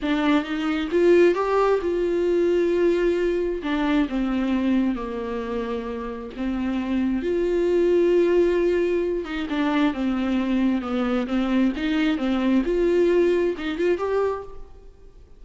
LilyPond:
\new Staff \with { instrumentName = "viola" } { \time 4/4 \tempo 4 = 133 d'4 dis'4 f'4 g'4 | f'1 | d'4 c'2 ais4~ | ais2 c'2 |
f'1~ | f'8 dis'8 d'4 c'2 | b4 c'4 dis'4 c'4 | f'2 dis'8 f'8 g'4 | }